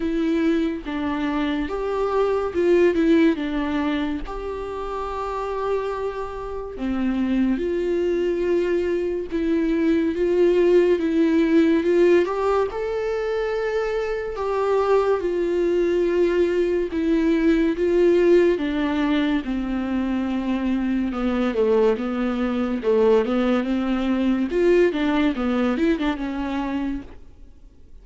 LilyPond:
\new Staff \with { instrumentName = "viola" } { \time 4/4 \tempo 4 = 71 e'4 d'4 g'4 f'8 e'8 | d'4 g'2. | c'4 f'2 e'4 | f'4 e'4 f'8 g'8 a'4~ |
a'4 g'4 f'2 | e'4 f'4 d'4 c'4~ | c'4 b8 a8 b4 a8 b8 | c'4 f'8 d'8 b8 e'16 d'16 cis'4 | }